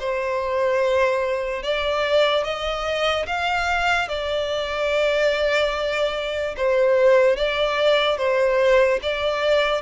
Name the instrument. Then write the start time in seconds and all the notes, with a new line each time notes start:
violin
0.00 C5
1.63 D5
2.44 D#5
3.27 F5
4.09 D5
6.57 C5
7.37 D5
8.18 C5
9.03 D5